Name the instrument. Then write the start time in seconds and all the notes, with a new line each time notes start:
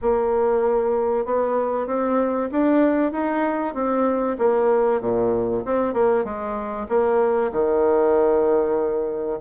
bassoon
0.01 A#3
1.25 B3
1.87 C4
2.51 D4
3.12 D#4
3.74 C4
4.38 A#3
5.01 A#2
5.65 C4
5.93 A#3
6.24 G#3
6.88 A#3
7.51 D#3